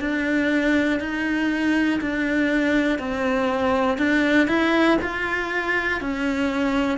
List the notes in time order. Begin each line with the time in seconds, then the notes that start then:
0.00 D4
1.00 D#4
2.00 D4
2.99 C4
3.98 D4
4.48 E4
5.02 F4
6.01 C#4